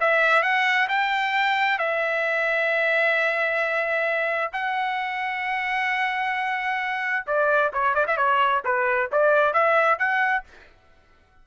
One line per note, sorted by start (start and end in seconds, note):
0.00 0.42 E5
0.42 0.88 F#5
0.88 1.78 G5
1.78 4.51 E5
4.52 7.25 F#5
7.26 7.71 D5
7.73 7.94 C#5
7.94 8.05 D5
8.07 8.17 E5
8.17 8.62 C#5
8.64 9.10 B4
9.11 9.53 D5
9.53 9.98 E5
9.98 10.44 F#5